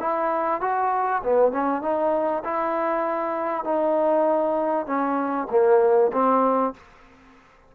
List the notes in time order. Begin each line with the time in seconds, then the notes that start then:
0.00 E4
0.61 F#4
1.24 B3
1.52 C#4
1.82 D#4
2.45 E4
3.65 D#4
4.86 C#4
5.50 A#3
6.13 C4